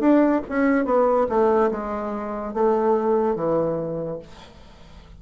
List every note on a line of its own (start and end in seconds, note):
0.00 0.42 D4
0.50 0.86 C#4
0.86 1.27 B3
1.30 1.71 A3
1.72 2.54 G#3
2.54 3.36 A3
3.36 4.19 E3